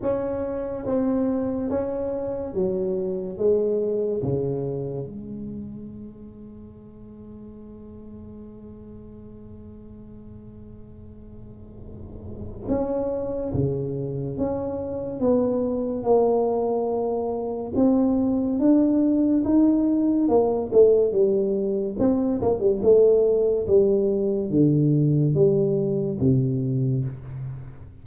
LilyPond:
\new Staff \with { instrumentName = "tuba" } { \time 4/4 \tempo 4 = 71 cis'4 c'4 cis'4 fis4 | gis4 cis4 gis2~ | gis1~ | gis2. cis'4 |
cis4 cis'4 b4 ais4~ | ais4 c'4 d'4 dis'4 | ais8 a8 g4 c'8 ais16 g16 a4 | g4 d4 g4 c4 | }